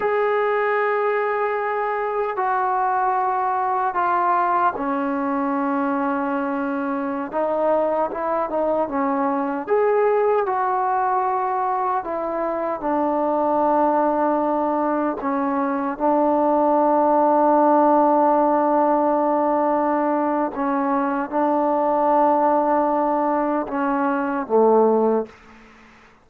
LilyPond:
\new Staff \with { instrumentName = "trombone" } { \time 4/4 \tempo 4 = 76 gis'2. fis'4~ | fis'4 f'4 cis'2~ | cis'4~ cis'16 dis'4 e'8 dis'8 cis'8.~ | cis'16 gis'4 fis'2 e'8.~ |
e'16 d'2. cis'8.~ | cis'16 d'2.~ d'8.~ | d'2 cis'4 d'4~ | d'2 cis'4 a4 | }